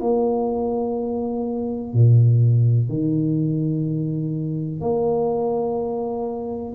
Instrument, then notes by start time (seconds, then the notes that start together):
tuba
0.00 A#3
1.93 A#2
2.89 D#3
4.80 A#3